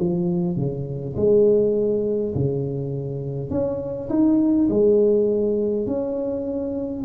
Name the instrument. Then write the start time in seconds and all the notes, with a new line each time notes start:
tuba
0.00 F3
0.57 C#3
1.17 G#3
2.35 C#3
3.51 C#4
4.10 D#4
4.70 G#3
5.87 C#4